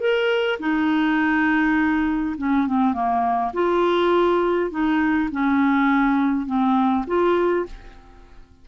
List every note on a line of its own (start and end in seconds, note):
0.00 0.59 A#4
0.60 2.36 D#4
2.38 2.67 C#4
2.67 2.94 C4
2.94 3.52 A#3
3.54 4.71 F4
4.71 5.30 D#4
5.32 6.47 C#4
6.47 7.05 C4
7.07 7.66 F4